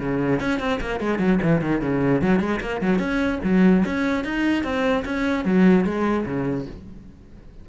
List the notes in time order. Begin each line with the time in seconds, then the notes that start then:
0.00 C#3
0.41 C#4
0.60 C4
0.81 A#3
1.00 G#3
1.19 F#3
1.43 E3
1.62 D#3
1.82 C#3
2.22 F#3
2.40 G#3
2.61 A#3
2.82 F#3
2.99 C#4
3.44 F#3
3.86 C#4
4.25 D#4
4.64 C4
5.05 C#4
5.45 F#3
5.85 G#3
6.26 C#3